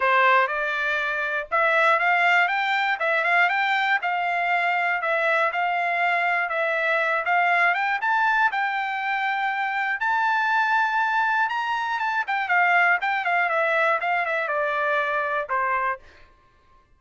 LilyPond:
\new Staff \with { instrumentName = "trumpet" } { \time 4/4 \tempo 4 = 120 c''4 d''2 e''4 | f''4 g''4 e''8 f''8 g''4 | f''2 e''4 f''4~ | f''4 e''4. f''4 g''8 |
a''4 g''2. | a''2. ais''4 | a''8 g''8 f''4 g''8 f''8 e''4 | f''8 e''8 d''2 c''4 | }